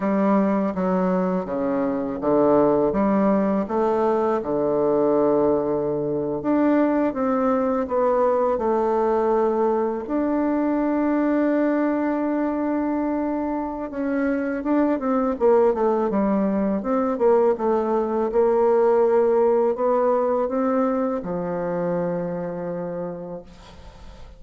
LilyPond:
\new Staff \with { instrumentName = "bassoon" } { \time 4/4 \tempo 4 = 82 g4 fis4 cis4 d4 | g4 a4 d2~ | d8. d'4 c'4 b4 a16~ | a4.~ a16 d'2~ d'16~ |
d'2. cis'4 | d'8 c'8 ais8 a8 g4 c'8 ais8 | a4 ais2 b4 | c'4 f2. | }